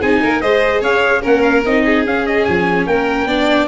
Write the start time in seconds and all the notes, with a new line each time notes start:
0.00 C4 D#4 G#4 G#5
0.23 A#3 A#4
0.41 G#3 G#4 C5 D#5
0.81 C#4 C#5 F5
1.22 A#3 C#4 A#4 F#5
1.42 F5
1.65 C4 D#4 D#5
1.84 G#4
2.06 C#4 F5
2.26 D#5
2.44 F3 G#5
2.86 A#3 A#4 G5
3.26 B3 D4 D5